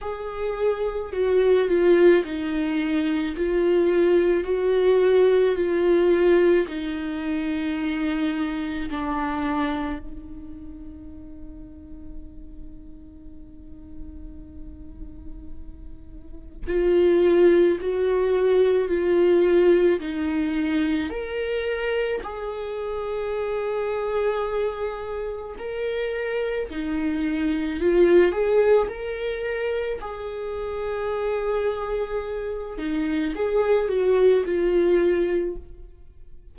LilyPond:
\new Staff \with { instrumentName = "viola" } { \time 4/4 \tempo 4 = 54 gis'4 fis'8 f'8 dis'4 f'4 | fis'4 f'4 dis'2 | d'4 dis'2.~ | dis'2. f'4 |
fis'4 f'4 dis'4 ais'4 | gis'2. ais'4 | dis'4 f'8 gis'8 ais'4 gis'4~ | gis'4. dis'8 gis'8 fis'8 f'4 | }